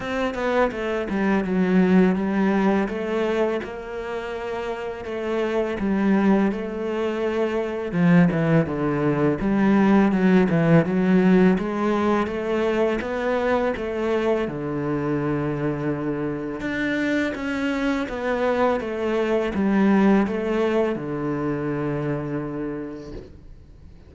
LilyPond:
\new Staff \with { instrumentName = "cello" } { \time 4/4 \tempo 4 = 83 c'8 b8 a8 g8 fis4 g4 | a4 ais2 a4 | g4 a2 f8 e8 | d4 g4 fis8 e8 fis4 |
gis4 a4 b4 a4 | d2. d'4 | cis'4 b4 a4 g4 | a4 d2. | }